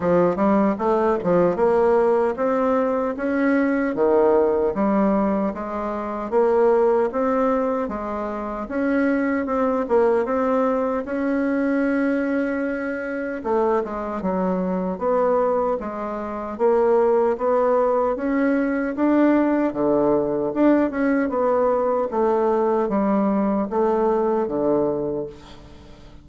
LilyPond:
\new Staff \with { instrumentName = "bassoon" } { \time 4/4 \tempo 4 = 76 f8 g8 a8 f8 ais4 c'4 | cis'4 dis4 g4 gis4 | ais4 c'4 gis4 cis'4 | c'8 ais8 c'4 cis'2~ |
cis'4 a8 gis8 fis4 b4 | gis4 ais4 b4 cis'4 | d'4 d4 d'8 cis'8 b4 | a4 g4 a4 d4 | }